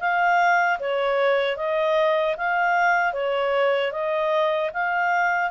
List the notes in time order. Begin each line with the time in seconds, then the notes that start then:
0.00 F5
0.80 C#5
1.57 D#5
2.37 F5
3.13 C#5
3.92 D#5
4.73 F5